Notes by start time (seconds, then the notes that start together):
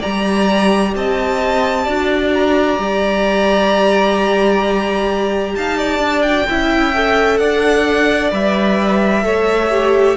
0.00 G3 G4 D5 A#5
0.96 C4 D#5 A5
1.84 D4 F#4 D5
2.34 A#5
2.79 G3 G4
5.56 D#4 F5 A5
5.78 D5
5.99 D4
6.23 F#4 G5
6.49 C#4 E4 E5
6.95 A4
7.38 D4 D5 F#5
8.32 G3 B4 E5
9.23 A3 A4 C#5
9.71 G4